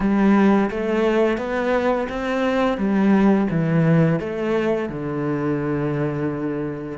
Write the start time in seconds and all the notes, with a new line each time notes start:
0.00 G3
0.70 A3
1.37 B3
2.09 C4
2.77 G3
3.50 E3
4.19 A3
4.89 D3